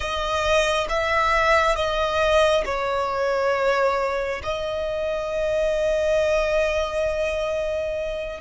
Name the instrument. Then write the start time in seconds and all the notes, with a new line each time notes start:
violin
0.00 D#5
0.89 E5
1.75 D#5
2.65 C#5
4.43 D#5